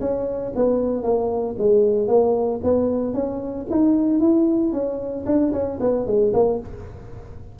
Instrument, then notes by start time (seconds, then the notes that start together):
tuba
0.00 C#4
0.55 B3
1.03 A#3
1.58 G#3
2.08 A#3
2.63 B3
3.14 C#4
3.70 D#4
4.20 E4
4.72 C#4
5.26 D4
5.53 C#4
5.80 B3
6.06 G#3
6.33 A#3